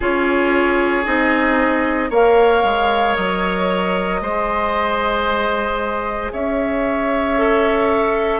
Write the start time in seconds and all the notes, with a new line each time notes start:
0.00 C#4 F4 G#4 C#5
1.04 C4 D#4 D#5
2.10 A#3 A#4 C#5 F5
2.64 G#3
3.15 F#3 D#5
4.21 G#3 G#4 C5
6.32 C#4 C#5 E5
7.37 A4